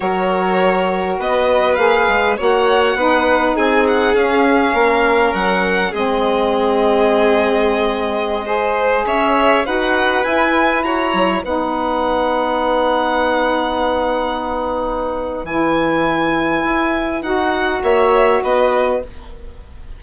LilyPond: <<
  \new Staff \with { instrumentName = "violin" } { \time 4/4 \tempo 4 = 101 cis''2 dis''4 f''4 | fis''2 gis''8 fis''8 f''4~ | f''4 fis''4 dis''2~ | dis''2.~ dis''16 e''8.~ |
e''16 fis''4 gis''4 ais''4 fis''8.~ | fis''1~ | fis''2 gis''2~ | gis''4 fis''4 e''4 dis''4 | }
  \new Staff \with { instrumentName = "violin" } { \time 4/4 ais'2 b'2 | cis''4 b'4 gis'2 | ais'2 gis'2~ | gis'2~ gis'16 c''4 cis''8.~ |
cis''16 b'2 cis''4 b'8.~ | b'1~ | b'1~ | b'2 cis''4 b'4 | }
  \new Staff \with { instrumentName = "saxophone" } { \time 4/4 fis'2. gis'4 | fis'4 dis'2 cis'4~ | cis'2 c'2~ | c'2~ c'16 gis'4.~ gis'16~ |
gis'16 fis'4 e'2 dis'8.~ | dis'1~ | dis'2 e'2~ | e'4 fis'2. | }
  \new Staff \with { instrumentName = "bassoon" } { \time 4/4 fis2 b4 ais8 gis8 | ais4 b4 c'4 cis'4 | ais4 fis4 gis2~ | gis2.~ gis16 cis'8.~ |
cis'16 dis'4 e'4 fis'8 fis8 b8.~ | b1~ | b2 e2 | e'4 dis'4 ais4 b4 | }
>>